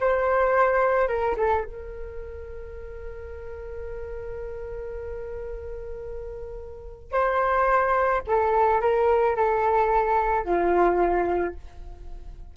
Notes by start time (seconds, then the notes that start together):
0.00 C5
1.08 A#4
1.37 A4
1.64 A#4
7.12 C5
8.27 A4
8.81 A#4
9.36 A4
10.44 F4